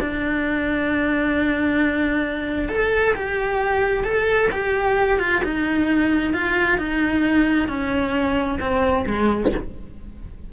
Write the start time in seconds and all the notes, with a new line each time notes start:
0.00 D4
2.69 A4
3.16 G4
4.04 A4
4.52 G4
5.20 F4
5.44 D#4
6.34 F4
6.78 D#4
7.68 C#4
8.60 C4
9.07 G#3